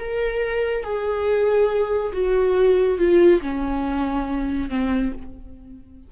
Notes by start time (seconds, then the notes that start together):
0.00 A#4
0.84 G#4
2.13 F#4
2.98 F4
3.42 C#4
4.70 C4